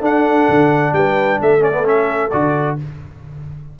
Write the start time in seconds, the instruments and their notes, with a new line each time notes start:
0.00 tuba D4, trombone D4, horn A4, trumpet F#5
0.48 tuba D3
0.92 tuba G3, horn B4, trumpet G5
1.40 tuba A3, horn A4, trumpet E5
1.60 trombone C#4, trumpet D5
1.71 trombone B3
1.84 trombone C#4, trumpet E5
2.30 tuba D3, trombone F#4, trumpet D5